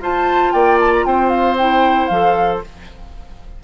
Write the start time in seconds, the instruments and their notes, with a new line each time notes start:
0.00 bassoon F4, clarinet F4, oboe C5, flute A5
0.52 bassoon A#3, oboe D5, flute G5
0.80 flute A5
0.93 flute A#5
1.05 bassoon C4, oboe C5, flute G5
1.30 flute F5
1.57 clarinet E4, flute G5
2.06 bassoon F3, clarinet A4, flute F5